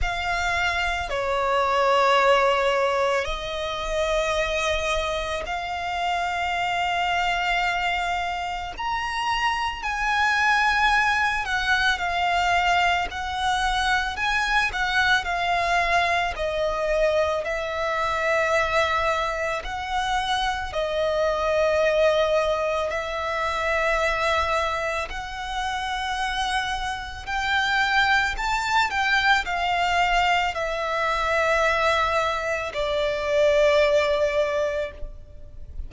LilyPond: \new Staff \with { instrumentName = "violin" } { \time 4/4 \tempo 4 = 55 f''4 cis''2 dis''4~ | dis''4 f''2. | ais''4 gis''4. fis''8 f''4 | fis''4 gis''8 fis''8 f''4 dis''4 |
e''2 fis''4 dis''4~ | dis''4 e''2 fis''4~ | fis''4 g''4 a''8 g''8 f''4 | e''2 d''2 | }